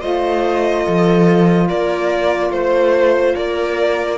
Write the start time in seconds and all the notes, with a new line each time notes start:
0.00 A3 F4 C5 D#5
0.84 F3 A4
1.68 A#3 A#4 D5
2.50 A3 C5
3.35 A#3 A#4 D5